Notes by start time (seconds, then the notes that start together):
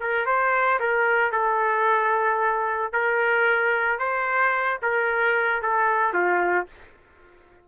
0.00 A#4
0.26 C5
0.80 A#4
1.31 A4
2.92 A#4
3.99 C5
4.82 A#4
5.62 A4
6.13 F4